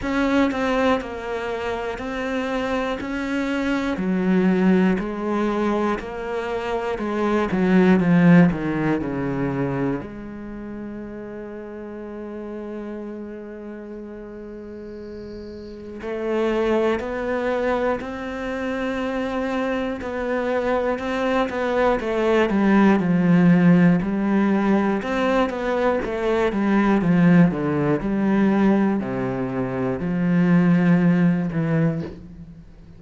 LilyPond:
\new Staff \with { instrumentName = "cello" } { \time 4/4 \tempo 4 = 60 cis'8 c'8 ais4 c'4 cis'4 | fis4 gis4 ais4 gis8 fis8 | f8 dis8 cis4 gis2~ | gis1 |
a4 b4 c'2 | b4 c'8 b8 a8 g8 f4 | g4 c'8 b8 a8 g8 f8 d8 | g4 c4 f4. e8 | }